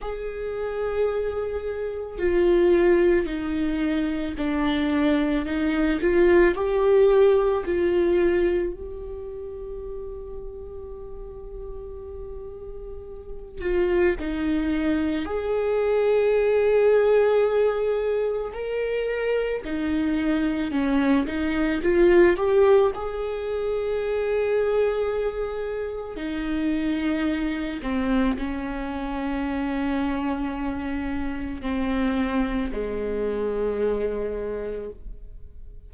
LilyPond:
\new Staff \with { instrumentName = "viola" } { \time 4/4 \tempo 4 = 55 gis'2 f'4 dis'4 | d'4 dis'8 f'8 g'4 f'4 | g'1~ | g'8 f'8 dis'4 gis'2~ |
gis'4 ais'4 dis'4 cis'8 dis'8 | f'8 g'8 gis'2. | dis'4. c'8 cis'2~ | cis'4 c'4 gis2 | }